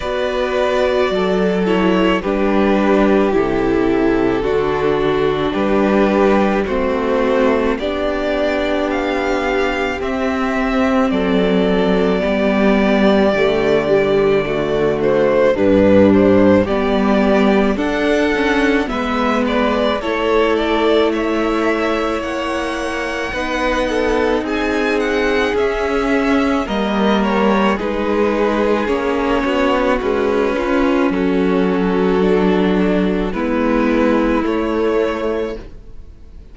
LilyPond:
<<
  \new Staff \with { instrumentName = "violin" } { \time 4/4 \tempo 4 = 54 d''4. cis''8 b'4 a'4~ | a'4 b'4 c''4 d''4 | f''4 e''4 d''2~ | d''4. c''8 b'8 c''8 d''4 |
fis''4 e''8 d''8 cis''8 d''8 e''4 | fis''2 gis''8 fis''8 e''4 | dis''8 cis''8 b'4 cis''4 b'4 | a'2 b'4 cis''4 | }
  \new Staff \with { instrumentName = "violin" } { \time 4/4 b'4 a'4 g'2 | fis'4 g'4 fis'4 g'4~ | g'2 a'4 g'4~ | g'4 fis'4 d'4 g'4 |
a'4 b'4 a'4 cis''4~ | cis''4 b'8 a'8 gis'2 | ais'4 gis'4. fis'4 f'8 | fis'2 e'2 | }
  \new Staff \with { instrumentName = "viola" } { \time 4/4 fis'4. e'8 d'4 e'4 | d'2 c'4 d'4~ | d'4 c'2 b4 | a8 g8 a4 g4 b4 |
d'8 cis'8 b4 e'2~ | e'4 dis'2 cis'4 | ais4 dis'4 cis'4 gis8 cis'8~ | cis'4 d'4 b4 a4 | }
  \new Staff \with { instrumentName = "cello" } { \time 4/4 b4 fis4 g4 c4 | d4 g4 a4 b4~ | b4 c'4 fis4 g4 | d2 g,4 g4 |
d'4 gis4 a2 | ais4 b4 c'4 cis'4 | g4 gis4 ais8 b8 cis'4 | fis2 gis4 a4 | }
>>